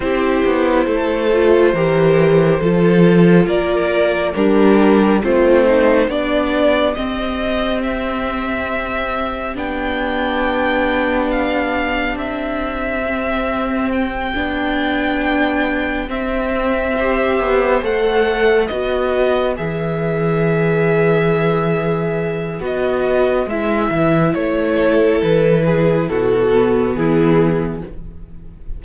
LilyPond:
<<
  \new Staff \with { instrumentName = "violin" } { \time 4/4 \tempo 4 = 69 c''1 | d''4 ais'4 c''4 d''4 | dis''4 e''2 g''4~ | g''4 f''4 e''2 |
g''2~ g''8 e''4.~ | e''8 fis''4 dis''4 e''4.~ | e''2 dis''4 e''4 | cis''4 b'4 a'4 gis'4 | }
  \new Staff \with { instrumentName = "violin" } { \time 4/4 g'4 a'4 ais'4 a'4 | ais'4 d'4 c'4 g'4~ | g'1~ | g'1~ |
g'2.~ g'8 c''8~ | c''4. b'2~ b'8~ | b'1~ | b'8 a'4 gis'8 fis'4 e'4 | }
  \new Staff \with { instrumentName = "viola" } { \time 4/4 e'4. f'8 g'4 f'4~ | f'4 g'4 f'8 dis'8 d'4 | c'2. d'4~ | d'2. c'4~ |
c'8 d'2 c'4 g'8~ | g'8 a'4 fis'4 gis'4.~ | gis'2 fis'4 e'4~ | e'2~ e'8 b4. | }
  \new Staff \with { instrumentName = "cello" } { \time 4/4 c'8 b8 a4 e4 f4 | ais4 g4 a4 b4 | c'2. b4~ | b2 c'2~ |
c'8 b2 c'4. | b8 a4 b4 e4.~ | e2 b4 gis8 e8 | a4 e4 b,4 e4 | }
>>